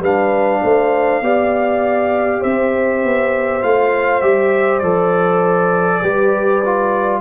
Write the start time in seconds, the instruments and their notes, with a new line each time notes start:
0.00 tuba G3, trombone D4, horn B4, trumpet F5
0.63 tuba A3, horn C5
1.22 tuba B3, trombone G4, horn D5
2.41 tuba C4, horn C5, trumpet E5
3.04 tuba B3
3.62 tuba A3, trombone F4, trumpet F5
4.22 tuba G3, trombone G4, trumpet E5
4.79 tuba F3, trombone A4, trumpet D5
6.02 tuba G3, trombone G4, horn B4
6.65 trombone F4